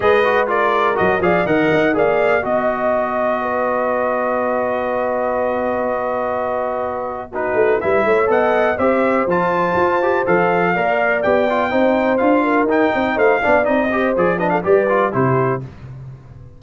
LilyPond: <<
  \new Staff \with { instrumentName = "trumpet" } { \time 4/4 \tempo 4 = 123 dis''4 d''4 dis''8 f''8 fis''4 | f''4 dis''2.~ | dis''1~ | dis''2. b'4 |
e''4 fis''4 e''4 a''4~ | a''4 f''2 g''4~ | g''4 f''4 g''4 f''4 | dis''4 d''8 dis''16 f''16 d''4 c''4 | }
  \new Staff \with { instrumentName = "horn" } { \time 4/4 b'4 ais'4. d''8 dis''4 | d''4 dis''2 b'4~ | b'1~ | b'2. fis'4 |
b'8 cis''8 dis''4 c''2~ | c''2 d''2 | c''4. ais'4 dis''8 c''8 d''8~ | d''8 c''4 b'16 a'16 b'4 g'4 | }
  \new Staff \with { instrumentName = "trombone" } { \time 4/4 gis'8 fis'8 f'4 fis'8 gis'8 ais'4 | gis'4 fis'2.~ | fis'1~ | fis'2. dis'4 |
e'4 a'4 g'4 f'4~ | f'8 g'8 a'4 ais'4 g'8 f'8 | dis'4 f'4 dis'4. d'8 | dis'8 g'8 gis'8 d'8 g'8 f'8 e'4 | }
  \new Staff \with { instrumentName = "tuba" } { \time 4/4 gis2 fis8 f8 dis8 dis'8 | ais4 b2.~ | b1~ | b2.~ b8 a8 |
g8 a8 b4 c'4 f4 | f'4 f4 ais4 b4 | c'4 d'4 dis'8 c'8 a8 b8 | c'4 f4 g4 c4 | }
>>